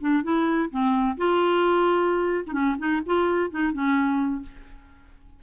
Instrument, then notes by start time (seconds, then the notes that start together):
clarinet
0.00 D4
0.23 E4
0.70 C4
1.17 F4
2.46 D#4
2.52 C#4
2.78 D#4
3.06 F4
3.50 D#4
3.72 C#4